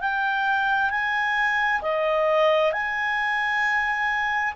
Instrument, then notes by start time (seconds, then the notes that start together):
clarinet
0.00 G5
0.90 G#5
1.81 D#5
2.72 G#5